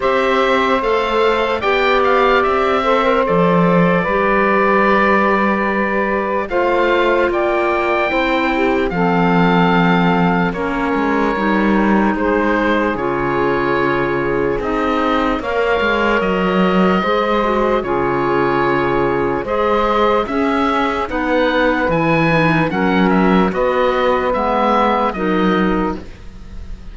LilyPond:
<<
  \new Staff \with { instrumentName = "oboe" } { \time 4/4 \tempo 4 = 74 e''4 f''4 g''8 f''8 e''4 | d''1 | f''4 g''2 f''4~ | f''4 cis''2 c''4 |
cis''2 dis''4 f''4 | dis''2 cis''2 | dis''4 e''4 fis''4 gis''4 | fis''8 e''8 dis''4 e''4 dis''4 | }
  \new Staff \with { instrumentName = "saxophone" } { \time 4/4 c''2 d''4. c''8~ | c''4 b'2. | c''4 d''4 c''8 g'8 a'4~ | a'4 ais'2 gis'4~ |
gis'2. cis''4~ | cis''4 c''4 gis'2 | c''4 gis'4 b'2 | ais'4 b'2 ais'4 | }
  \new Staff \with { instrumentName = "clarinet" } { \time 4/4 g'4 a'4 g'4. a'16 ais'16 | a'4 g'2. | f'2 e'4 c'4~ | c'4 cis'4 dis'2 |
f'2 dis'4 ais'4~ | ais'4 gis'8 fis'8 f'2 | gis'4 cis'4 dis'4 e'8 dis'8 | cis'4 fis'4 b4 dis'4 | }
  \new Staff \with { instrumentName = "cello" } { \time 4/4 c'4 a4 b4 c'4 | f4 g2. | a4 ais4 c'4 f4~ | f4 ais8 gis8 g4 gis4 |
cis2 c'4 ais8 gis8 | fis4 gis4 cis2 | gis4 cis'4 b4 e4 | fis4 b4 gis4 fis4 | }
>>